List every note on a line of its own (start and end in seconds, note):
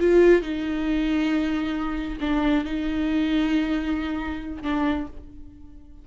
0.00 0.42 F4
0.42 2.18 D#4
2.21 2.65 D4
2.65 4.63 D#4
4.63 5.07 D4